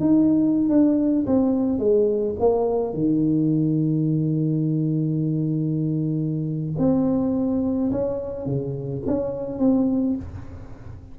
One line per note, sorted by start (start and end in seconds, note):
0.00 0.69 D#4
0.69 1.26 D4
1.26 1.79 C4
1.79 2.35 G#3
2.39 2.93 A#3
2.93 6.75 D#3
6.78 7.91 C4
7.91 8.46 C#4
8.46 9.02 C#3
9.06 9.59 C#4
9.59 10.15 C4